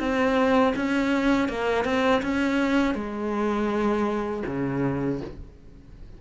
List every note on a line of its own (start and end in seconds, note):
0.00 0.74 C4
0.76 1.49 C#4
1.49 1.85 A#3
1.85 2.22 C4
2.23 2.95 C#4
2.95 4.43 G#3
4.47 5.21 C#3